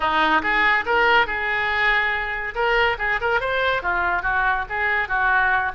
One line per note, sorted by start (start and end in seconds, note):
0.00 0.42 D#4
0.42 0.85 G#4
0.85 1.26 A#4
1.26 2.54 G#4
2.54 2.97 A#4
2.98 3.19 G#4
3.20 3.40 A#4
3.40 3.82 C5
3.82 4.22 F4
4.22 4.65 F#4
4.69 5.08 G#4
5.08 5.72 F#4